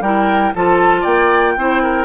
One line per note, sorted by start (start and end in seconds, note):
0.00 0.51 G3
0.00 0.55 E4
0.00 0.54 A#4
0.00 0.53 G5
0.54 1.05 F3
0.54 1.58 F4
0.54 1.01 A4
0.54 1.04 A5
1.01 1.56 A#3
1.01 1.52 D5
1.01 2.04 G5
1.56 2.04 C4
1.56 2.04 E4
1.56 1.82 C5
1.82 2.04 A#4